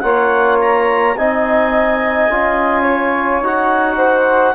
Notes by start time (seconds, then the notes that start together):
0.00 A#3 F4 C#5 F#5
0.61 A#5
1.17 C4 D#4 D#5 G#5
2.30 C#4 F4
2.82 C#5
3.41 D#4 F#4 F#5
3.97 C5